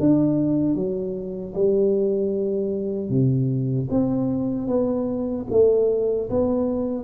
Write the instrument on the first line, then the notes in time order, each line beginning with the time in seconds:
tuba
0.00 D4
0.75 F#3
1.55 G3
3.10 C3
3.91 C4
4.68 B3
5.51 A3
6.30 B3